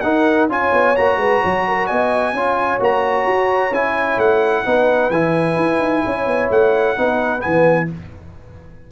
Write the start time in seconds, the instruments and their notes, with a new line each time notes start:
0.00 tuba D#4, trombone D#4, horn A#4, trumpet F#5
0.48 tuba C#4, trombone F4, horn C#5, trumpet G#5
0.72 tuba B3
0.96 tuba A#3, trombone F#4, trumpet A#5
1.16 tuba G#3, horn B4
1.41 tuba F#3, horn C#5
1.67 horn A#4
1.86 tuba B3, horn D#5, trumpet G#5
2.32 tuba C#4, trombone F4, horn C#5
2.79 tuba A#3, trombone F#4, trumpet A#5
3.26 tuba F#4
3.71 tuba C#4, trombone E4, trumpet G#5
4.17 tuba A3, trumpet F#5
4.65 tuba B3, trombone D#4, horn B4
5.10 tuba E3, trombone E4, trumpet G#5
5.56 tuba E4
5.79 tuba D#4
6.05 tuba C#4, horn C#5
6.26 tuba B3
6.50 tuba A3, trumpet F#5
6.97 tuba B3, trombone D#4, horn B4
7.39 trombone B3, trumpet G#5
7.45 tuba E3